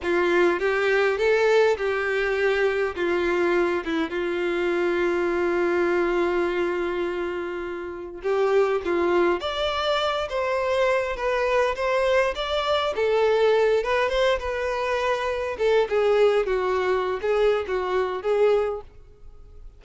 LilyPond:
\new Staff \with { instrumentName = "violin" } { \time 4/4 \tempo 4 = 102 f'4 g'4 a'4 g'4~ | g'4 f'4. e'8 f'4~ | f'1~ | f'2 g'4 f'4 |
d''4. c''4. b'4 | c''4 d''4 a'4. b'8 | c''8 b'2 a'8 gis'4 | fis'4~ fis'16 gis'8. fis'4 gis'4 | }